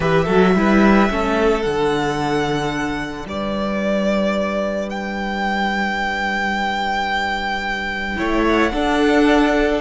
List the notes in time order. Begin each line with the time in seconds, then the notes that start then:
0.00 E3 G4 B4 E5
0.25 F#3 F#4 A4
0.55 G3 E4 B4
1.09 A3 C#4 A4
1.61 D3 D4 F#5
3.25 G3 B4 D5
4.89 G5
8.16 A3 E4 C#5
8.48 F#5
8.71 D4 A4